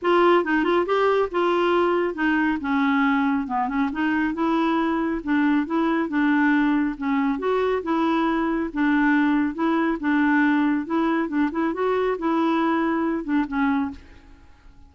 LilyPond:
\new Staff \with { instrumentName = "clarinet" } { \time 4/4 \tempo 4 = 138 f'4 dis'8 f'8 g'4 f'4~ | f'4 dis'4 cis'2 | b8 cis'8 dis'4 e'2 | d'4 e'4 d'2 |
cis'4 fis'4 e'2 | d'2 e'4 d'4~ | d'4 e'4 d'8 e'8 fis'4 | e'2~ e'8 d'8 cis'4 | }